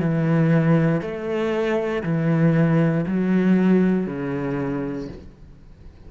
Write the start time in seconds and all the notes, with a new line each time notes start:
0.00 E3
1.01 A3
2.03 E3
3.06 F#3
4.06 C#3